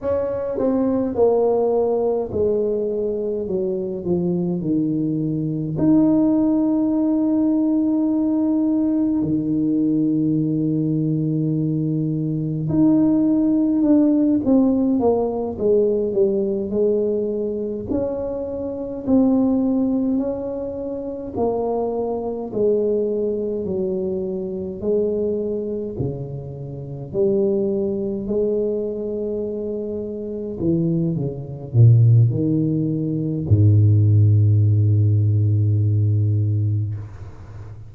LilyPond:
\new Staff \with { instrumentName = "tuba" } { \time 4/4 \tempo 4 = 52 cis'8 c'8 ais4 gis4 fis8 f8 | dis4 dis'2. | dis2. dis'4 | d'8 c'8 ais8 gis8 g8 gis4 cis'8~ |
cis'8 c'4 cis'4 ais4 gis8~ | gis8 fis4 gis4 cis4 g8~ | g8 gis2 e8 cis8 ais,8 | dis4 gis,2. | }